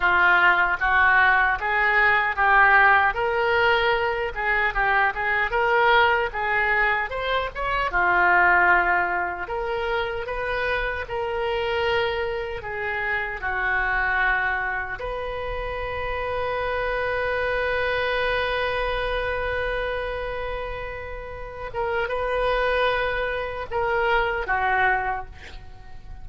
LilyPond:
\new Staff \with { instrumentName = "oboe" } { \time 4/4 \tempo 4 = 76 f'4 fis'4 gis'4 g'4 | ais'4. gis'8 g'8 gis'8 ais'4 | gis'4 c''8 cis''8 f'2 | ais'4 b'4 ais'2 |
gis'4 fis'2 b'4~ | b'1~ | b'2.~ b'8 ais'8 | b'2 ais'4 fis'4 | }